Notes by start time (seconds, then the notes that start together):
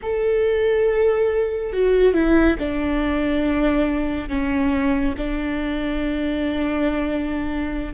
0.02 A4
1.73 F#4
2.13 E4
2.59 D4
4.29 C#4
5.17 D4